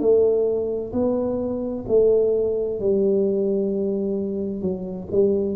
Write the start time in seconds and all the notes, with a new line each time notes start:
0.00 A3
0.93 B3
1.88 A3
2.80 G3
4.62 F#3
5.11 G3